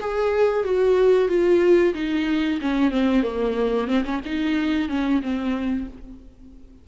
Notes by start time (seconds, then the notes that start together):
0.00 G#4
0.64 F#4
1.28 F4
1.94 D#4
2.61 C#4
2.91 C4
3.23 A#3
3.88 C4
4.04 C#4
4.25 D#4
4.89 C#4
5.22 C4